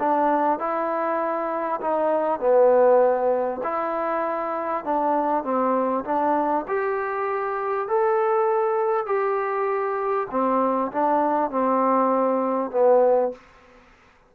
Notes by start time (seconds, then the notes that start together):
0.00 D4
0.59 E4
1.82 D#4
2.40 B3
3.64 E4
4.85 D4
5.44 C4
6.05 D4
6.68 G4
7.89 A4
9.07 G4
10.31 C4
10.92 D4
11.51 C4
12.72 B3